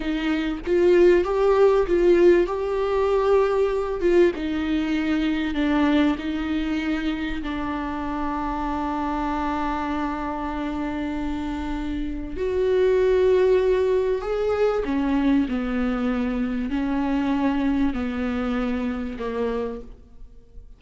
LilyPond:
\new Staff \with { instrumentName = "viola" } { \time 4/4 \tempo 4 = 97 dis'4 f'4 g'4 f'4 | g'2~ g'8 f'8 dis'4~ | dis'4 d'4 dis'2 | d'1~ |
d'1 | fis'2. gis'4 | cis'4 b2 cis'4~ | cis'4 b2 ais4 | }